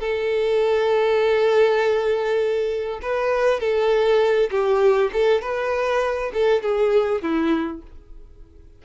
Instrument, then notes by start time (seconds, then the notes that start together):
violin
0.00 A4
3.02 B4
3.60 A4
4.51 G4
5.13 A4
5.42 B4
6.34 A4
6.62 G#4
7.22 E4